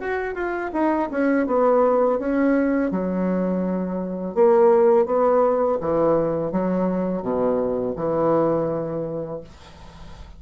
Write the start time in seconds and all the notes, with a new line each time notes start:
0.00 F#4
0.35 F4
0.73 D#4
1.11 C#4
1.47 B3
2.19 C#4
2.91 F#3
4.34 A#3
5.06 B3
5.80 E3
6.51 F#3
7.22 B2
7.96 E3